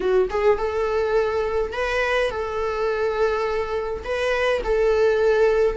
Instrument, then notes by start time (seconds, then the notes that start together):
viola
0.00 F#4
0.30 G#4
0.57 A4
1.73 B4
2.30 A4
4.04 B4
4.64 A4